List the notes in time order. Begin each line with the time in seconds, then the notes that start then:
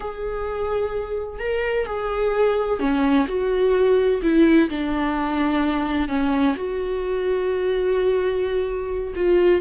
0.00 G#4
1.39 A#4
1.86 G#4
2.79 C#4
3.27 F#4
4.22 E4
4.69 D4
6.08 C#4
6.56 F#4
9.15 F4